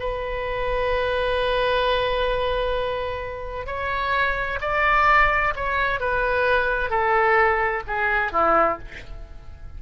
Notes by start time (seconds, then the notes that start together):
0.00 B4
3.67 C#5
4.61 D5
5.56 C#5
6.00 B4
6.90 A4
7.87 G#4
8.32 E4